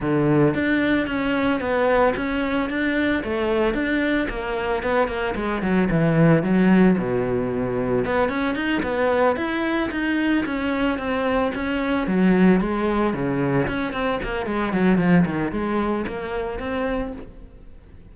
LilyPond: \new Staff \with { instrumentName = "cello" } { \time 4/4 \tempo 4 = 112 d4 d'4 cis'4 b4 | cis'4 d'4 a4 d'4 | ais4 b8 ais8 gis8 fis8 e4 | fis4 b,2 b8 cis'8 |
dis'8 b4 e'4 dis'4 cis'8~ | cis'8 c'4 cis'4 fis4 gis8~ | gis8 cis4 cis'8 c'8 ais8 gis8 fis8 | f8 dis8 gis4 ais4 c'4 | }